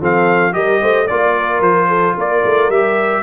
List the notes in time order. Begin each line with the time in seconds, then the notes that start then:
0.00 F3 C4 A4 F5
0.53 G3 G4 A#4 D#5
0.81 A3 C5
1.06 A#3 F4 D5
1.36 A#4
1.60 F3 C5
1.88 A4
2.16 A#3 A#4 D5
2.45 A3
2.69 G3 G4 E5